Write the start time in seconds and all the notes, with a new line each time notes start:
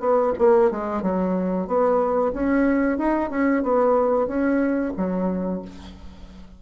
0.00 B3
0.38 A#3
0.71 G#3
1.02 F#3
1.67 B3
2.33 C#4
2.98 D#4
3.30 C#4
3.63 B3
4.27 C#4
4.97 F#3